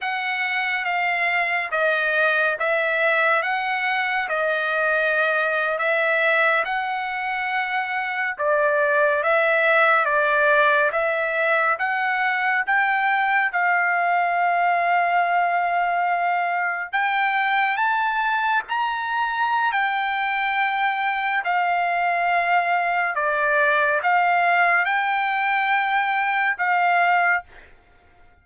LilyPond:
\new Staff \with { instrumentName = "trumpet" } { \time 4/4 \tempo 4 = 70 fis''4 f''4 dis''4 e''4 | fis''4 dis''4.~ dis''16 e''4 fis''16~ | fis''4.~ fis''16 d''4 e''4 d''16~ | d''8. e''4 fis''4 g''4 f''16~ |
f''2.~ f''8. g''16~ | g''8. a''4 ais''4~ ais''16 g''4~ | g''4 f''2 d''4 | f''4 g''2 f''4 | }